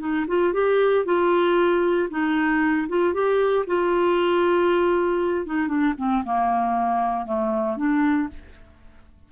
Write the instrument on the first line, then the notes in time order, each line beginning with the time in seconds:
clarinet
0.00 D#4
0.28 F4
0.54 G4
1.06 F4
2.10 D#4
2.89 F4
3.14 G4
3.67 F4
5.46 D#4
5.68 D4
5.98 C4
6.25 A#3
7.26 A3
7.77 D4